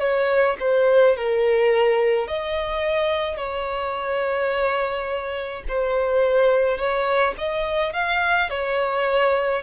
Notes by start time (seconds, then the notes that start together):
0.00 C#5
0.60 C5
1.17 A#4
2.27 D#5
3.37 C#5
5.68 C5
6.78 C#5
7.37 D#5
7.93 F5
8.50 C#5